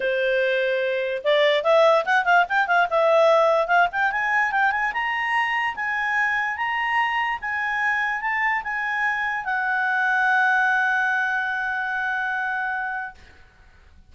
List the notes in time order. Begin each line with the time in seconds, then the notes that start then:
0.00 C5
1.23 D5
1.63 E5
2.05 F#5
2.25 F5
2.48 G5
2.67 F5
2.90 E5
3.67 F5
3.92 G5
4.11 G#5
4.51 G5
4.71 G#5
4.93 A#5
5.75 G#5
6.56 A#5
7.41 G#5
8.21 A5
8.63 G#5
9.44 F#5